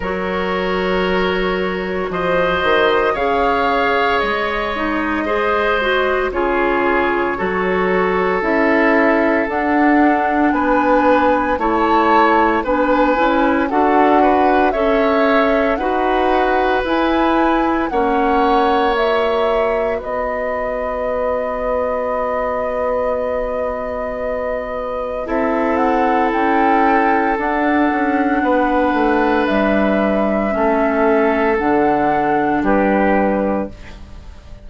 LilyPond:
<<
  \new Staff \with { instrumentName = "flute" } { \time 4/4 \tempo 4 = 57 cis''2 dis''4 f''4 | dis''2 cis''2 | e''4 fis''4 gis''4 a''4 | gis''4 fis''4 e''4 fis''4 |
gis''4 fis''4 e''4 dis''4~ | dis''1 | e''8 fis''8 g''4 fis''2 | e''2 fis''4 b'4 | }
  \new Staff \with { instrumentName = "oboe" } { \time 4/4 ais'2 c''4 cis''4~ | cis''4 c''4 gis'4 a'4~ | a'2 b'4 cis''4 | b'4 a'8 b'8 cis''4 b'4~ |
b'4 cis''2 b'4~ | b'1 | a'2. b'4~ | b'4 a'2 g'4 | }
  \new Staff \with { instrumentName = "clarinet" } { \time 4/4 fis'2. gis'4~ | gis'8 dis'8 gis'8 fis'8 f'4 fis'4 | e'4 d'2 e'4 | d'8 e'8 fis'4 a'4 fis'4 |
e'4 cis'4 fis'2~ | fis'1 | e'2 d'2~ | d'4 cis'4 d'2 | }
  \new Staff \with { instrumentName = "bassoon" } { \time 4/4 fis2 f8 dis8 cis4 | gis2 cis4 fis4 | cis'4 d'4 b4 a4 | b8 cis'8 d'4 cis'4 dis'4 |
e'4 ais2 b4~ | b1 | c'4 cis'4 d'8 cis'8 b8 a8 | g4 a4 d4 g4 | }
>>